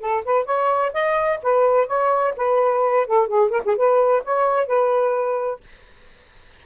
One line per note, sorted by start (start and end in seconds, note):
0.00 0.23 A4
0.24 0.45 B4
0.45 0.92 C#5
0.93 1.40 D#5
1.43 1.87 B4
1.87 2.34 C#5
2.36 3.06 B4
3.06 3.27 A4
3.27 3.50 G#4
3.50 3.62 A#4
3.65 3.76 G#4
3.76 4.23 B4
4.24 4.66 C#5
4.66 5.60 B4